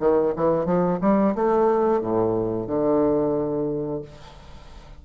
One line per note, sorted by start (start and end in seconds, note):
0.00 0.34 D#3
0.36 0.66 E3
0.66 0.99 F3
1.01 1.35 G3
1.35 2.01 A3
2.01 2.67 A2
2.67 4.02 D3